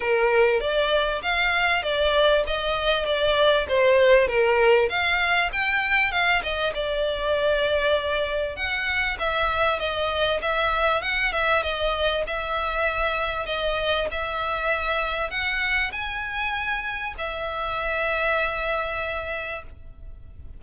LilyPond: \new Staff \with { instrumentName = "violin" } { \time 4/4 \tempo 4 = 98 ais'4 d''4 f''4 d''4 | dis''4 d''4 c''4 ais'4 | f''4 g''4 f''8 dis''8 d''4~ | d''2 fis''4 e''4 |
dis''4 e''4 fis''8 e''8 dis''4 | e''2 dis''4 e''4~ | e''4 fis''4 gis''2 | e''1 | }